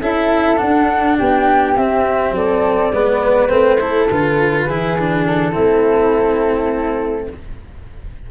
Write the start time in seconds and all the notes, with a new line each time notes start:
0.00 C#4 E4 A4 E5
0.56 D4 F#5
1.18 B3 G4 G5
1.76 C4 E5
2.31 F#3 A4 D5
2.91 G#3 B3 B4
3.48 A3 C4 C5
3.80 E4 A4
4.09 D3 F4 B4
4.65 E3 E4 G#4
4.99 D4
5.25 A4
5.52 A3 C4 E4